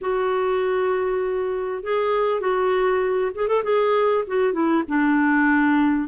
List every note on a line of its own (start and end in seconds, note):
0.01 1.83 F#4
1.83 2.40 G#4
2.40 3.31 F#4
3.34 3.47 G#4
3.47 3.63 A4
3.63 4.24 G#4
4.27 4.52 F#4
4.52 4.83 E4
4.88 6.08 D4